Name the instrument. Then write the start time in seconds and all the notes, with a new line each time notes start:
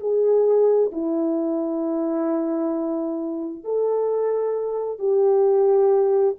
horn
0.00 G#4
0.92 E4
3.64 A4
4.99 G4